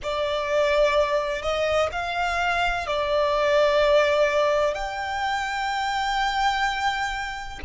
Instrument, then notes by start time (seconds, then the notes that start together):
violin
0.03 D5
1.42 D#5
1.91 F5
2.87 D5
4.74 G5